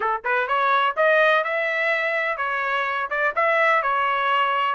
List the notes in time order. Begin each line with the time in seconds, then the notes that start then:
0.00 A4
0.24 B4
0.47 C#5
0.96 D#5
1.44 E5
2.37 C#5
3.10 D5
3.35 E5
3.82 C#5